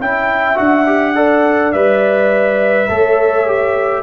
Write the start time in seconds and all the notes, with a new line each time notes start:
0.00 C#4 E4 E5 G5
0.55 D4 F#4 F#5
0.86 G4
1.15 A4 D5
1.72 G3 B4 E5
2.89 A3 A4 C#5
3.46 G4